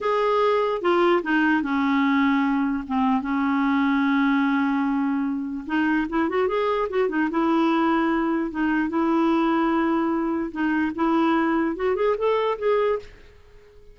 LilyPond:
\new Staff \with { instrumentName = "clarinet" } { \time 4/4 \tempo 4 = 148 gis'2 f'4 dis'4 | cis'2. c'4 | cis'1~ | cis'2 dis'4 e'8 fis'8 |
gis'4 fis'8 dis'8 e'2~ | e'4 dis'4 e'2~ | e'2 dis'4 e'4~ | e'4 fis'8 gis'8 a'4 gis'4 | }